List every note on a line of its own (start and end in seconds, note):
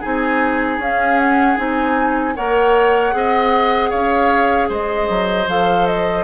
0.00 0.78 C4
0.00 0.80 D#4
0.00 2.34 G#4
0.00 0.81 G#5
0.78 1.56 C#4
0.78 1.57 C#4
0.78 1.19 F5
1.19 1.58 F#5
1.57 2.36 C4
1.57 2.35 D#4
1.57 2.36 G#5
2.36 3.14 A#3
2.36 3.12 A#4
2.36 3.14 C#5
2.36 3.91 F#5
3.12 3.92 C4
3.12 5.45 G#4
3.12 3.90 D#5
3.90 4.69 C#4
3.90 4.68 C#5
3.90 4.69 F5
4.69 5.08 G#3
4.69 6.24 C5
4.69 5.49 D#5
5.09 5.47 F#3
5.47 6.24 F3
5.47 6.24 A4
5.47 5.87 F5
5.87 6.24 D#5